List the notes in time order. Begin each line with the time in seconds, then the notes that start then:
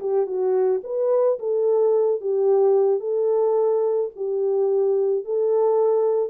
0.00 G4
0.26 F#4
0.83 B4
1.39 A4
2.21 G4
3.00 A4
4.16 G4
5.25 A4